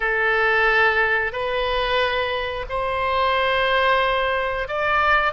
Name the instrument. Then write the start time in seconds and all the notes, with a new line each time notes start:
oboe
0.00 A4
1.32 B4
2.69 C5
4.68 D5